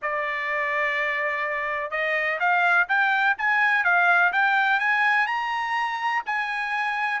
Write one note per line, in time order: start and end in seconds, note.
0.02 1.90 D5
1.90 2.38 D#5
2.39 2.87 F5
2.88 3.36 G5
3.38 3.84 G#5
3.84 4.32 F5
4.32 4.79 G5
4.79 5.26 G#5
5.26 6.22 A#5
6.26 7.20 G#5